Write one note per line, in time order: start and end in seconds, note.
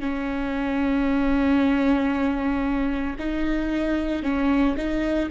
0.00 3.16 C#4
3.19 4.23 D#4
4.23 4.76 C#4
4.77 5.29 D#4